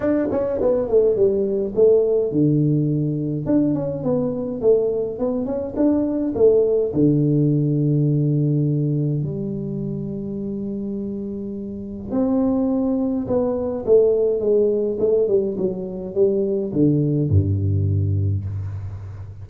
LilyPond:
\new Staff \with { instrumentName = "tuba" } { \time 4/4 \tempo 4 = 104 d'8 cis'8 b8 a8 g4 a4 | d2 d'8 cis'8 b4 | a4 b8 cis'8 d'4 a4 | d1 |
g1~ | g4 c'2 b4 | a4 gis4 a8 g8 fis4 | g4 d4 g,2 | }